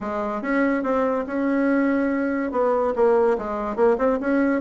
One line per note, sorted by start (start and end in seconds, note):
0.00 0.42 G#3
0.42 0.83 C#4
0.83 1.25 C4
1.26 2.51 C#4
2.51 2.93 B3
2.95 3.37 A#3
3.38 3.76 G#3
3.76 3.97 A#3
3.97 4.18 C4
4.20 4.61 C#4